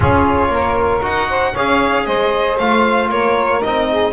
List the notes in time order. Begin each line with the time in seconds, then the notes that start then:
0.00 C#4 F4 G#4 C#5
0.48 A#3 A#4
1.01 D#4 F#4 F#5
1.29 C5
1.52 C#4 G#4 C#5 F5
2.05 G#3 C5 D#5
2.58 A3 F4 F5
3.09 A#3 A#4 C#5
3.61 C4 D#4 D#5
3.89 G#4